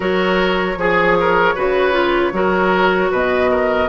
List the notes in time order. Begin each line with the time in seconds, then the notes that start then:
0.00 F#3 F#4 A#4 C#5
0.76 F3 G#4
1.20 A#4
1.55 C#3 F#4 B4
1.92 F4
2.32 F#3 F#4 A#4
3.11 B2 B4 D#5
3.50 A#4